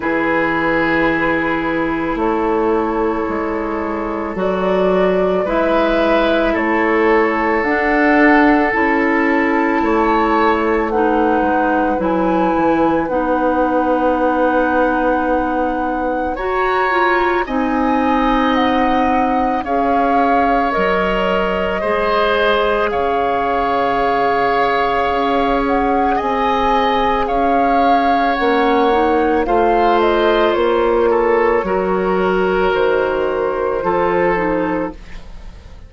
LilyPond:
<<
  \new Staff \with { instrumentName = "flute" } { \time 4/4 \tempo 4 = 55 b'2 cis''2 | d''4 e''4 cis''4 fis''4 | a''2 fis''4 gis''4 | fis''2. ais''4 |
gis''4 fis''4 f''4 dis''4~ | dis''4 f''2~ f''8 fis''8 | gis''4 f''4 fis''4 f''8 dis''8 | cis''2 c''2 | }
  \new Staff \with { instrumentName = "oboe" } { \time 4/4 gis'2 a'2~ | a'4 b'4 a'2~ | a'4 cis''4 b'2~ | b'2. cis''4 |
dis''2 cis''2 | c''4 cis''2. | dis''4 cis''2 c''4~ | c''8 a'8 ais'2 a'4 | }
  \new Staff \with { instrumentName = "clarinet" } { \time 4/4 e'1 | fis'4 e'2 d'4 | e'2 dis'4 e'4 | dis'2. fis'8 f'8 |
dis'2 gis'4 ais'4 | gis'1~ | gis'2 cis'8 dis'8 f'4~ | f'4 fis'2 f'8 dis'8 | }
  \new Staff \with { instrumentName = "bassoon" } { \time 4/4 e2 a4 gis4 | fis4 gis4 a4 d'4 | cis'4 a4. gis8 fis8 e8 | b2. fis'4 |
c'2 cis'4 fis4 | gis4 cis2 cis'4 | c'4 cis'4 ais4 a4 | ais4 fis4 dis4 f4 | }
>>